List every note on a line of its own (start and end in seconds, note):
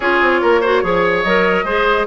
0.00 0.20 C#4
0.00 0.64 F4
0.00 0.41 G#4
0.00 1.22 C#5
0.21 0.41 C4
0.41 0.83 A#3
0.41 0.60 A#4
0.60 0.83 F#4
0.60 0.81 C5
0.83 1.24 F3
0.83 1.25 G#4
0.83 1.64 C#5
1.22 1.63 F#3
1.22 1.66 A#4
1.22 2.05 D#5
1.63 2.05 G#3
1.63 2.07 G#4
1.63 2.06 C5